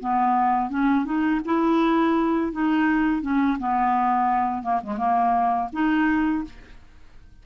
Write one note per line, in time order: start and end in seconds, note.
0.00 0.70 B3
0.70 1.05 C#4
1.05 1.41 D#4
1.45 2.52 E4
2.52 3.22 D#4
3.22 3.58 C#4
3.59 4.63 B3
4.63 4.81 A#3
4.83 4.98 G#3
4.98 5.69 A#3
5.73 6.44 D#4